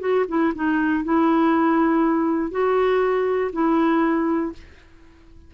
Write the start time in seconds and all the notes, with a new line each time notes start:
0.00 F#4
0.28 E4
0.55 D#4
1.04 E4
2.51 F#4
3.52 E4